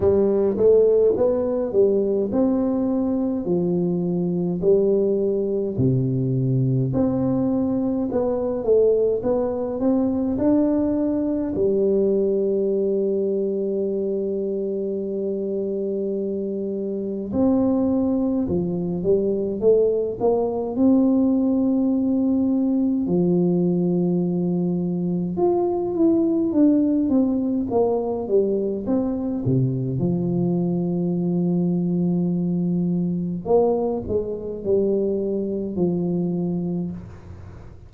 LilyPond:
\new Staff \with { instrumentName = "tuba" } { \time 4/4 \tempo 4 = 52 g8 a8 b8 g8 c'4 f4 | g4 c4 c'4 b8 a8 | b8 c'8 d'4 g2~ | g2. c'4 |
f8 g8 a8 ais8 c'2 | f2 f'8 e'8 d'8 c'8 | ais8 g8 c'8 c8 f2~ | f4 ais8 gis8 g4 f4 | }